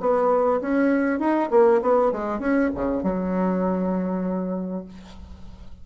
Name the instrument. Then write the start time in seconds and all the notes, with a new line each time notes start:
bassoon
0.00 B3
0.61 C#4
1.19 D#4
1.51 A#3
1.82 B3
2.12 G#3
2.39 C#4
2.75 C#3
3.03 F#3